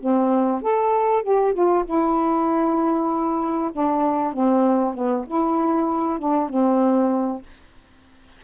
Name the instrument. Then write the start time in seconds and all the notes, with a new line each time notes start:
saxophone
0.00 C4
0.62 A4
1.23 G4
1.54 F4
1.85 E4
3.73 D4
4.33 C4
4.94 B3
5.27 E4
6.19 D4
6.49 C4